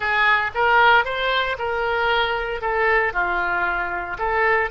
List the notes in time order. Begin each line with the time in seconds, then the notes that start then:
0.00 G#4
0.54 A#4
1.04 C5
1.58 A#4
2.61 A4
3.13 F4
4.18 A4